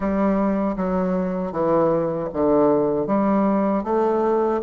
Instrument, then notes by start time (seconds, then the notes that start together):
bassoon
0.00 G3
0.76 F#3
1.52 E3
2.33 D3
3.07 G3
3.83 A3